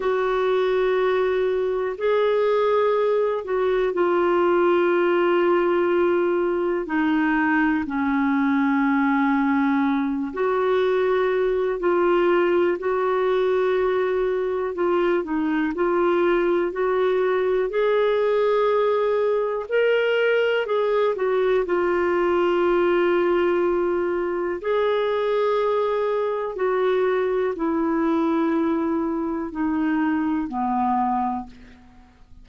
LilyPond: \new Staff \with { instrumentName = "clarinet" } { \time 4/4 \tempo 4 = 61 fis'2 gis'4. fis'8 | f'2. dis'4 | cis'2~ cis'8 fis'4. | f'4 fis'2 f'8 dis'8 |
f'4 fis'4 gis'2 | ais'4 gis'8 fis'8 f'2~ | f'4 gis'2 fis'4 | e'2 dis'4 b4 | }